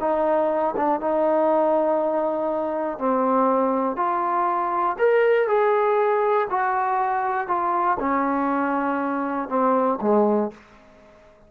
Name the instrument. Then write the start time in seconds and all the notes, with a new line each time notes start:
trombone
0.00 D#4
0.76 D4
1.01 D#4
2.98 C4
3.96 F4
4.98 A#4
5.48 G#4
6.50 F#4
7.47 F4
8.00 C#4
9.49 C4
10.01 G#3